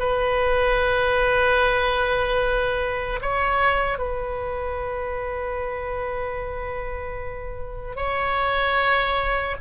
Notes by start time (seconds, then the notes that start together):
0.00 B4
3.22 C#5
3.99 B4
7.97 C#5